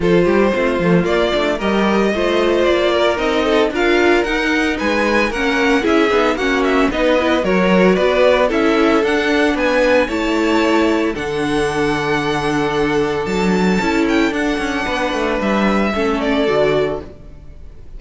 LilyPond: <<
  \new Staff \with { instrumentName = "violin" } { \time 4/4 \tempo 4 = 113 c''2 d''4 dis''4~ | dis''4 d''4 dis''4 f''4 | fis''4 gis''4 fis''4 e''4 | fis''8 e''8 dis''4 cis''4 d''4 |
e''4 fis''4 gis''4 a''4~ | a''4 fis''2.~ | fis''4 a''4. g''8 fis''4~ | fis''4 e''4. d''4. | }
  \new Staff \with { instrumentName = "violin" } { \time 4/4 a'8 g'8 f'2 ais'4 | c''4. ais'4 a'8 ais'4~ | ais'4 b'4 ais'4 gis'4 | fis'4 b'4 ais'4 b'4 |
a'2 b'4 cis''4~ | cis''4 a'2.~ | a'1 | b'2 a'2 | }
  \new Staff \with { instrumentName = "viola" } { \time 4/4 f'4 c'8 a8 ais8 d'8 g'4 | f'2 dis'4 f'4 | dis'2 cis'4 e'8 dis'8 | cis'4 dis'8 e'8 fis'2 |
e'4 d'2 e'4~ | e'4 d'2.~ | d'2 e'4 d'4~ | d'2 cis'4 fis'4 | }
  \new Staff \with { instrumentName = "cello" } { \time 4/4 f8 g8 a8 f8 ais8 a8 g4 | a4 ais4 c'4 d'4 | dis'4 gis4 ais4 cis'8 b8 | ais4 b4 fis4 b4 |
cis'4 d'4 b4 a4~ | a4 d2.~ | d4 fis4 cis'4 d'8 cis'8 | b8 a8 g4 a4 d4 | }
>>